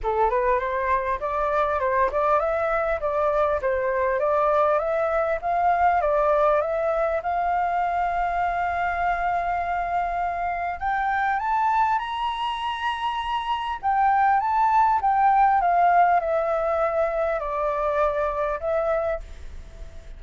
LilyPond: \new Staff \with { instrumentName = "flute" } { \time 4/4 \tempo 4 = 100 a'8 b'8 c''4 d''4 c''8 d''8 | e''4 d''4 c''4 d''4 | e''4 f''4 d''4 e''4 | f''1~ |
f''2 g''4 a''4 | ais''2. g''4 | a''4 g''4 f''4 e''4~ | e''4 d''2 e''4 | }